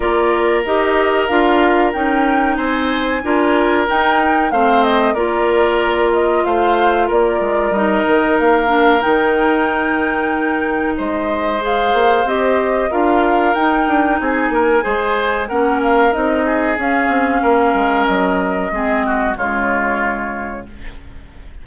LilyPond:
<<
  \new Staff \with { instrumentName = "flute" } { \time 4/4 \tempo 4 = 93 d''4 dis''4 f''4 g''4 | gis''2 g''4 f''8 dis''8 | d''4. dis''8 f''4 d''4 | dis''4 f''4 g''2~ |
g''4 dis''4 f''4 dis''4 | f''4 g''4 gis''2 | fis''8 f''8 dis''4 f''2 | dis''2 cis''2 | }
  \new Staff \with { instrumentName = "oboe" } { \time 4/4 ais'1 | c''4 ais'2 c''4 | ais'2 c''4 ais'4~ | ais'1~ |
ais'4 c''2. | ais'2 gis'8 ais'8 c''4 | ais'4. gis'4. ais'4~ | ais'4 gis'8 fis'8 f'2 | }
  \new Staff \with { instrumentName = "clarinet" } { \time 4/4 f'4 g'4 f'4 dis'4~ | dis'4 f'4 dis'4 c'4 | f'1 | dis'4. d'8 dis'2~ |
dis'2 gis'4 g'4 | f'4 dis'2 gis'4 | cis'4 dis'4 cis'2~ | cis'4 c'4 gis2 | }
  \new Staff \with { instrumentName = "bassoon" } { \time 4/4 ais4 dis'4 d'4 cis'4 | c'4 d'4 dis'4 a4 | ais2 a4 ais8 gis8 | g8 dis8 ais4 dis2~ |
dis4 gis4. ais8 c'4 | d'4 dis'8 d'8 c'8 ais8 gis4 | ais4 c'4 cis'8 c'8 ais8 gis8 | fis4 gis4 cis2 | }
>>